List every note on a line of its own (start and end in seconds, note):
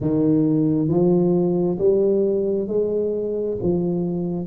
0.00 0.88 D#3
0.88 1.77 F3
1.78 2.67 G3
2.67 3.57 G#3
3.62 4.46 F3